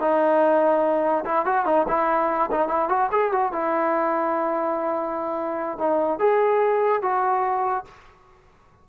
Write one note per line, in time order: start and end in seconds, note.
0.00 1.24 D#4
1.25 1.45 E4
1.45 1.66 F#4
1.66 1.86 D#4
1.88 2.50 E4
2.51 2.68 D#4
2.68 2.89 E4
2.89 3.09 F#4
3.11 3.32 G#4
3.32 3.52 F#4
3.52 5.78 E4
5.78 6.19 D#4
6.19 7.02 G#4
7.02 7.85 F#4